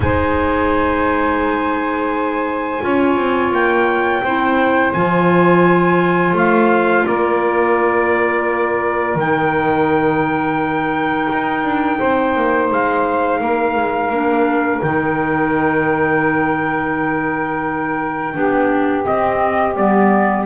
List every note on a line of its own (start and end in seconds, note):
0.00 2.81 G#3
0.00 2.81 D#4
0.00 2.84 C5
0.00 3.51 G#5
2.81 3.16 C#4
2.81 4.22 F4
2.81 4.22 C#5
3.16 3.50 C4
3.50 4.21 A#3
3.50 4.93 G5
4.22 4.93 C4
4.22 4.95 E4
4.22 7.05 C5
4.93 6.33 F3
4.93 9.19 F4
4.93 6.34 G#5
6.33 7.04 A3
6.33 7.06 F5
7.06 9.15 A#3
7.06 11.98 A#4
7.06 9.18 D5
9.15 11.27 D#3
9.15 14.11 D#4
9.15 12.72 G5
11.31 11.63 D#4
11.63 11.98 D4
11.98 12.35 C4
11.98 13.39 C5
12.35 12.70 A#3
12.70 13.40 G#3
12.70 14.81 F5
13.40 13.75 A#3
13.40 18.34 A#4
13.75 14.09 G#3
14.09 14.80 A#3
14.09 14.82 D4
14.81 18.35 D#3
14.81 18.33 D#4
14.81 19.05 G5
18.33 19.05 B3
18.33 19.03 D4
18.33 20.46 G4
19.04 19.75 C4
19.04 19.76 C4
19.04 19.76 D#5
19.76 20.46 G3
19.76 20.46 B3
19.76 20.46 D5